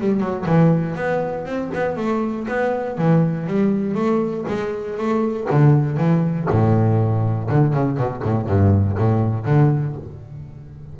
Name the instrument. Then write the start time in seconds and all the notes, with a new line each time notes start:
double bass
0.00 G3
0.20 F#3
0.46 E3
0.95 B3
1.45 C4
1.74 B3
1.97 A3
2.48 B3
2.97 E3
3.47 G3
3.95 A3
4.47 G#3
4.97 A3
5.50 D3
5.97 E3
6.50 A2
7.49 D3
7.73 C#3
7.97 B2
8.22 A2
8.47 G2
8.98 A2
9.45 D3